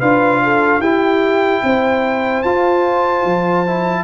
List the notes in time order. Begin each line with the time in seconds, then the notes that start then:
0.00 D4 F4 B4 F5
0.44 A4
0.80 E4 G4 G5
1.64 C4 C5
2.43 F4 A5
3.25 F3
3.67 E4